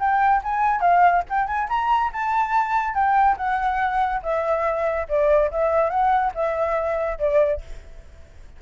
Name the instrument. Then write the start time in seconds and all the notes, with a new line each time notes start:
flute
0.00 G5
0.44 G#5
0.81 F5
1.30 G5
1.48 G#5
1.69 A#5
2.13 A5
2.95 G5
3.37 F#5
4.23 E5
5.09 D5
5.52 E5
5.90 F#5
6.35 E5
7.19 D5